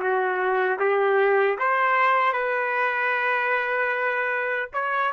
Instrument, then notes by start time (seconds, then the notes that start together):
trumpet
0.00 F#4
0.80 G4
1.59 C5
2.33 B4
4.74 C#5